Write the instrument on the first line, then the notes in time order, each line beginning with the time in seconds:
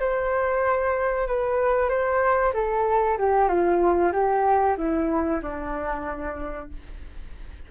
flute
0.00 C5
1.28 B4
1.89 C5
2.54 A4
3.19 G4
3.49 F4
4.13 G4
4.78 E4
5.43 D4